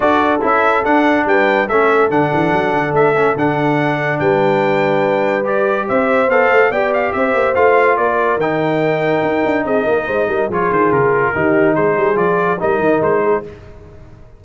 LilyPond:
<<
  \new Staff \with { instrumentName = "trumpet" } { \time 4/4 \tempo 4 = 143 d''4 e''4 fis''4 g''4 | e''4 fis''2 e''4 | fis''2 g''2~ | g''4 d''4 e''4 f''4 |
g''8 f''8 e''4 f''4 d''4 | g''2. dis''4~ | dis''4 cis''8 c''8 ais'2 | c''4 d''4 dis''4 c''4 | }
  \new Staff \with { instrumentName = "horn" } { \time 4/4 a'2. b'4 | a'1~ | a'2 b'2~ | b'2 c''2 |
d''4 c''2 ais'4~ | ais'2. gis'8 ais'8 | c''8 ais'8 gis'2 g'4 | gis'2 ais'4. gis'8 | }
  \new Staff \with { instrumentName = "trombone" } { \time 4/4 fis'4 e'4 d'2 | cis'4 d'2~ d'8 cis'8 | d'1~ | d'4 g'2 a'4 |
g'2 f'2 | dis'1~ | dis'4 f'2 dis'4~ | dis'4 f'4 dis'2 | }
  \new Staff \with { instrumentName = "tuba" } { \time 4/4 d'4 cis'4 d'4 g4 | a4 d8 e8 fis8 d8 a4 | d2 g2~ | g2 c'4 b8 a8 |
b4 c'8 ais8 a4 ais4 | dis2 dis'8 d'8 c'8 ais8 | gis8 g8 f8 dis8 cis4 dis4 | gis8 g8 f4 g8 dis8 gis4 | }
>>